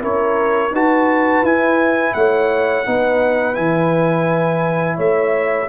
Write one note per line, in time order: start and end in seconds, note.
0.00 0.71 C#4
0.00 0.71 E4
0.00 0.72 A#4
0.00 0.74 C#5
0.71 1.41 D#4
0.71 1.45 F#4
0.71 2.13 B4
0.71 1.45 A5
1.42 2.13 E4
1.42 2.85 E4
1.42 2.13 G#5
2.13 2.85 A3
2.13 2.86 C#5
2.13 3.54 F#5
2.85 3.57 B3
2.85 3.54 D#4
2.85 4.96 B4
3.54 4.98 E3
3.54 5.66 E4
3.54 4.95 G#5
4.96 5.68 A3
4.96 5.66 C#5
4.96 5.68 E5